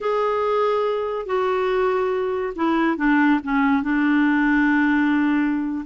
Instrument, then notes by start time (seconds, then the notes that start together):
clarinet
0.00 G#4
1.26 F#4
2.55 E4
2.97 D4
3.43 C#4
3.83 D4